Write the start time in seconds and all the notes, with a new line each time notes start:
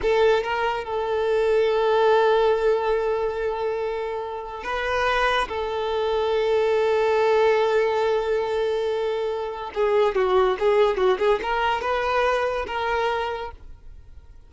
0.02 A4
0.43 A#4
0.84 A4
4.63 B4
5.48 A4
9.74 G#4
10.15 F#4
10.59 G#4
10.97 F#4
11.18 G#4
11.42 A#4
11.81 B4
12.66 A#4